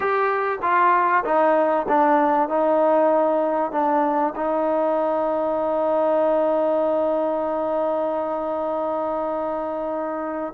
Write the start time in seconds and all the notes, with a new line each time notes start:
0.00 G4
0.62 F4
1.24 D#4
1.88 D4
2.49 D#4
3.71 D4
4.35 D#4